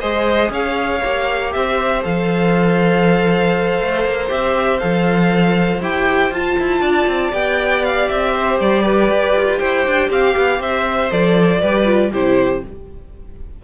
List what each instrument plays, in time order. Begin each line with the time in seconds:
0.00 cello G#3, viola G#4, violin C5 D#5
0.50 cello C#4, violin C#5 F5
1.03 cello A#3, viola G4
1.52 cello C4, violin C5 E5
2.03 cello F3, viola A4, violin F5
3.80 cello A3
4.05 cello A#3
4.28 cello C4, viola G4, violin E5
4.79 cello F3, viola A4, violin F5
5.81 cello E4, viola G4, violin G5
6.31 cello F4, viola F4, violin A5
6.59 cello E4
6.81 cello D4, violin D5
7.07 cello C4
7.32 cello B3, viola G4, violin G5
7.84 violin F5
8.08 cello C4, violin E5
8.34 violin C5
8.60 cello G3, violin D5
8.84 violin B4
9.11 cello G4
9.36 cello F4
9.59 cello E4, violin C5 G5
9.87 cello D4
10.09 cello C4, violin G4 F5
10.37 cello B3
10.60 cello C4, violin C5 E5
11.10 cello F3, viola A4, violin D5
11.61 cello G3, viola G4, violin B4
11.85 viola F4
12.11 cello C3, viola E4, violin G4 C5